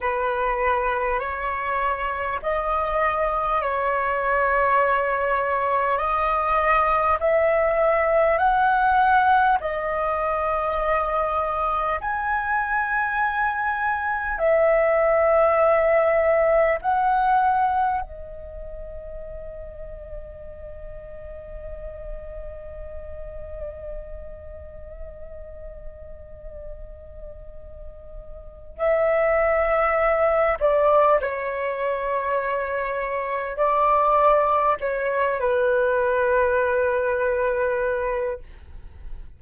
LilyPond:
\new Staff \with { instrumentName = "flute" } { \time 4/4 \tempo 4 = 50 b'4 cis''4 dis''4 cis''4~ | cis''4 dis''4 e''4 fis''4 | dis''2 gis''2 | e''2 fis''4 dis''4~ |
dis''1~ | dis''1 | e''4. d''8 cis''2 | d''4 cis''8 b'2~ b'8 | }